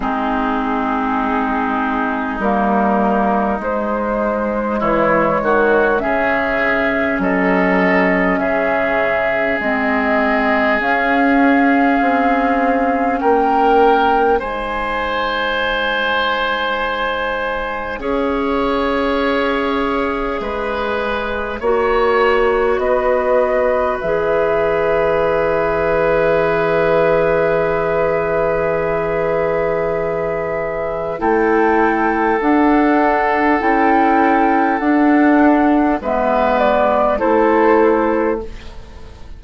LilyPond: <<
  \new Staff \with { instrumentName = "flute" } { \time 4/4 \tempo 4 = 50 gis'2 ais'4 c''4 | cis''4 e''4 dis''4 e''4 | dis''4 f''2 g''4 | gis''2. e''4~ |
e''2. dis''4 | e''1~ | e''2 g''4 fis''4 | g''4 fis''4 e''8 d''8 c''4 | }
  \new Staff \with { instrumentName = "oboe" } { \time 4/4 dis'1 | e'8 fis'8 gis'4 a'4 gis'4~ | gis'2. ais'4 | c''2. cis''4~ |
cis''4 b'4 cis''4 b'4~ | b'1~ | b'2 a'2~ | a'2 b'4 a'4 | }
  \new Staff \with { instrumentName = "clarinet" } { \time 4/4 c'2 ais4 gis4~ | gis4 cis'2. | c'4 cis'2. | dis'2. gis'4~ |
gis'2 fis'2 | gis'1~ | gis'2 e'4 d'4 | e'4 d'4 b4 e'4 | }
  \new Staff \with { instrumentName = "bassoon" } { \time 4/4 gis2 g4 gis4 | e8 dis8 cis4 fis4 cis4 | gis4 cis'4 c'4 ais4 | gis2. cis'4~ |
cis'4 gis4 ais4 b4 | e1~ | e2 a4 d'4 | cis'4 d'4 gis4 a4 | }
>>